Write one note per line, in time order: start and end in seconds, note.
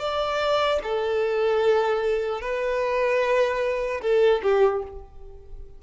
0.00 0.80 D5
0.84 2.41 A4
2.41 4.01 B4
4.02 4.42 A4
4.43 4.83 G4